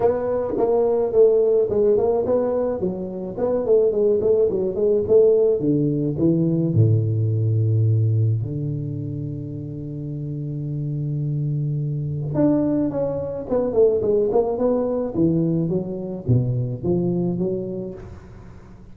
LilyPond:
\new Staff \with { instrumentName = "tuba" } { \time 4/4 \tempo 4 = 107 b4 ais4 a4 gis8 ais8 | b4 fis4 b8 a8 gis8 a8 | fis8 gis8 a4 d4 e4 | a,2. d4~ |
d1~ | d2 d'4 cis'4 | b8 a8 gis8 ais8 b4 e4 | fis4 b,4 f4 fis4 | }